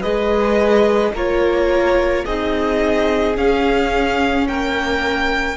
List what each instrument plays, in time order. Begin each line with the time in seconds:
0.00 cello G#3, viola G#4, violin B4 D#5
1.12 cello A#3, viola F4, violin A#4 C#5
2.25 cello C4, viola D#4, violin G#4 D#5
3.35 viola C#4, cello C#4, violin F5
4.47 cello A#3, violin A#4 G5